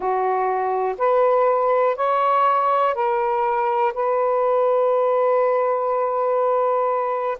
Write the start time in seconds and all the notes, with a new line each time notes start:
0.00 F#4
0.97 B4
1.95 C#5
2.94 A#4
3.93 B4